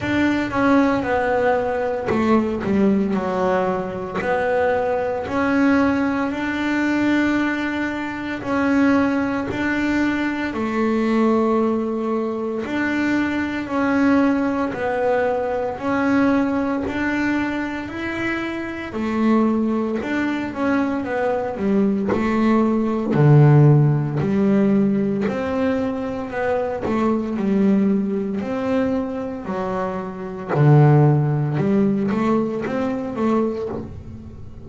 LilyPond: \new Staff \with { instrumentName = "double bass" } { \time 4/4 \tempo 4 = 57 d'8 cis'8 b4 a8 g8 fis4 | b4 cis'4 d'2 | cis'4 d'4 a2 | d'4 cis'4 b4 cis'4 |
d'4 e'4 a4 d'8 cis'8 | b8 g8 a4 d4 g4 | c'4 b8 a8 g4 c'4 | fis4 d4 g8 a8 c'8 a8 | }